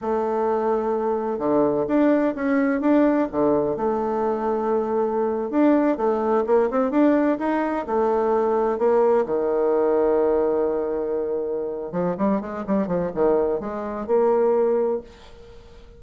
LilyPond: \new Staff \with { instrumentName = "bassoon" } { \time 4/4 \tempo 4 = 128 a2. d4 | d'4 cis'4 d'4 d4 | a2.~ a8. d'16~ | d'8. a4 ais8 c'8 d'4 dis'16~ |
dis'8. a2 ais4 dis16~ | dis1~ | dis4. f8 g8 gis8 g8 f8 | dis4 gis4 ais2 | }